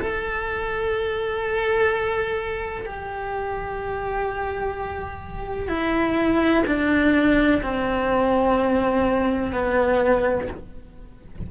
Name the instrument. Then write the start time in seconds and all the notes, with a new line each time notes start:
cello
0.00 A4
2.86 G4
5.68 E4
6.66 D4
7.62 C4
9.52 B3